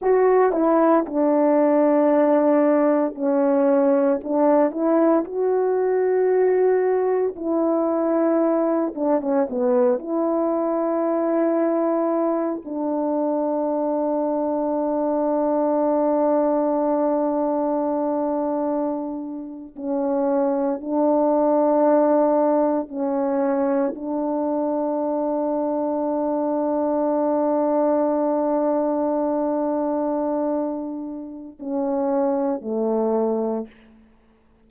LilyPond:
\new Staff \with { instrumentName = "horn" } { \time 4/4 \tempo 4 = 57 fis'8 e'8 d'2 cis'4 | d'8 e'8 fis'2 e'4~ | e'8 d'16 cis'16 b8 e'2~ e'8 | d'1~ |
d'2~ d'8. cis'4 d'16~ | d'4.~ d'16 cis'4 d'4~ d'16~ | d'1~ | d'2 cis'4 a4 | }